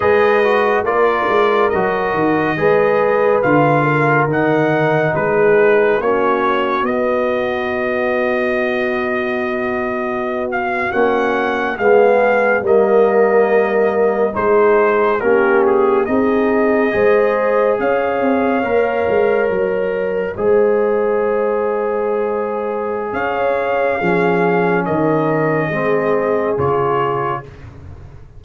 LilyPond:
<<
  \new Staff \with { instrumentName = "trumpet" } { \time 4/4 \tempo 4 = 70 dis''4 d''4 dis''2 | f''4 fis''4 b'4 cis''4 | dis''1~ | dis''16 f''8 fis''4 f''4 dis''4~ dis''16~ |
dis''8. c''4 ais'8 gis'8 dis''4~ dis''16~ | dis''8. f''2 dis''4~ dis''16~ | dis''2. f''4~ | f''4 dis''2 cis''4 | }
  \new Staff \with { instrumentName = "horn" } { \time 4/4 b'4 ais'2 b'4~ | b'8 ais'4. gis'4 fis'4~ | fis'1~ | fis'4.~ fis'16 gis'4 ais'4~ ais'16~ |
ais'8. gis'4 g'4 gis'4 c''16~ | c''8. cis''2. c''16~ | c''2. cis''4 | gis'4 ais'4 gis'2 | }
  \new Staff \with { instrumentName = "trombone" } { \time 4/4 gis'8 fis'8 f'4 fis'4 gis'4 | f'4 dis'2 cis'4 | b1~ | b8. cis'4 b4 ais4~ ais16~ |
ais8. dis'4 cis'4 dis'4 gis'16~ | gis'4.~ gis'16 ais'2 gis'16~ | gis'1 | cis'2 c'4 f'4 | }
  \new Staff \with { instrumentName = "tuba" } { \time 4/4 gis4 ais8 gis8 fis8 dis8 gis4 | d4 dis4 gis4 ais4 | b1~ | b8. ais4 gis4 g4~ g16~ |
g8. gis4 ais4 c'4 gis16~ | gis8. cis'8 c'8 ais8 gis8 fis4 gis16~ | gis2. cis'4 | f4 dis4 gis4 cis4 | }
>>